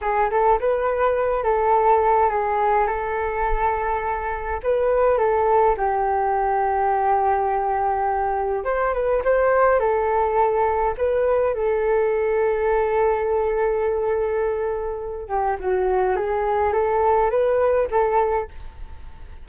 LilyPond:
\new Staff \with { instrumentName = "flute" } { \time 4/4 \tempo 4 = 104 gis'8 a'8 b'4. a'4. | gis'4 a'2. | b'4 a'4 g'2~ | g'2. c''8 b'8 |
c''4 a'2 b'4 | a'1~ | a'2~ a'8 g'8 fis'4 | gis'4 a'4 b'4 a'4 | }